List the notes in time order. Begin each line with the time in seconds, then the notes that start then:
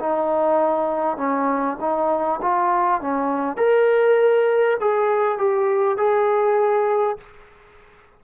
0.00 D#4
1.17 C#4
1.80 D#4
2.42 F4
3.01 C#4
3.57 A#4
4.80 G#4
5.38 G4
5.97 G#4